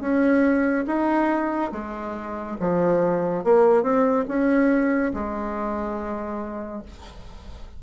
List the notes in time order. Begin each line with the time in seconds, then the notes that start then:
0.00 C#4
0.86 D#4
1.72 G#3
2.60 F3
3.44 A#3
3.82 C4
4.28 C#4
5.13 G#3